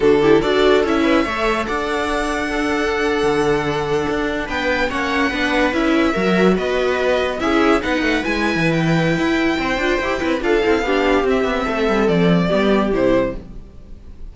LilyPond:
<<
  \new Staff \with { instrumentName = "violin" } { \time 4/4 \tempo 4 = 144 a'4 d''4 e''2 | fis''1~ | fis''2~ fis''8. g''4 fis''16~ | fis''4.~ fis''16 e''2 dis''16~ |
dis''4.~ dis''16 e''4 fis''4 gis''16~ | gis''4 g''2.~ | g''4 f''2 e''4~ | e''4 d''2 c''4 | }
  \new Staff \with { instrumentName = "viola" } { \time 4/4 fis'8 g'8 a'4. b'8 cis''4 | d''2 a'2~ | a'2~ a'8. b'4 cis''16~ | cis''8. b'2 ais'4 b'16~ |
b'4.~ b'16 gis'4 b'4~ b'16~ | b'2. c''4~ | c''8 b'8 a'4 g'2 | a'2 g'2 | }
  \new Staff \with { instrumentName = "viola" } { \time 4/4 d'8 e'8 fis'4 e'4 a'4~ | a'2 d'2~ | d'2.~ d'8. cis'16~ | cis'8. d'4 e'4 fis'4~ fis'16~ |
fis'4.~ fis'16 e'4 dis'4 e'16~ | e'2.~ e'8 f'8 | g'8 e'8 f'8 e'8 d'4 c'4~ | c'2 b4 e'4 | }
  \new Staff \with { instrumentName = "cello" } { \time 4/4 d4 d'4 cis'4 a4 | d'2.~ d'8. d16~ | d4.~ d16 d'4 b4 ais16~ | ais8. b4 cis'4 fis4 b16~ |
b4.~ b16 cis'4 b8 a8 gis16~ | gis8 e4. e'4 c'8 d'8 | e'8 c'8 d'8 c'8 b4 c'8 b8 | a8 g8 f4 g4 c4 | }
>>